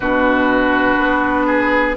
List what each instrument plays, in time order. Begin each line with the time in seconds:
0.00 bassoon B2, clarinet D4, oboe F#4, flute B4
0.98 bassoon B3
1.46 oboe G#4